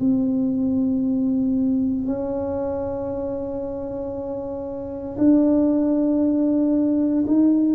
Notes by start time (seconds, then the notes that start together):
0.00 C4
2.06 C#4
5.18 D4
7.27 D#4